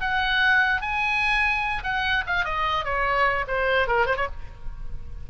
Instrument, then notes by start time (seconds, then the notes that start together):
oboe
0.00 F#5
0.81 G#5
1.83 F#5
2.26 F5
2.44 D#5
2.84 C#5
3.47 C5
3.87 A#4
4.06 C5
4.16 C#5